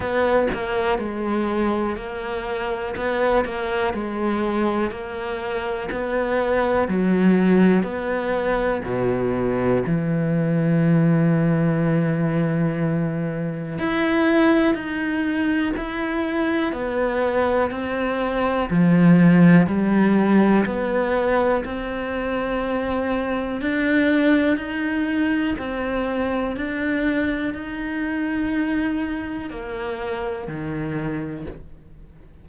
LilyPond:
\new Staff \with { instrumentName = "cello" } { \time 4/4 \tempo 4 = 61 b8 ais8 gis4 ais4 b8 ais8 | gis4 ais4 b4 fis4 | b4 b,4 e2~ | e2 e'4 dis'4 |
e'4 b4 c'4 f4 | g4 b4 c'2 | d'4 dis'4 c'4 d'4 | dis'2 ais4 dis4 | }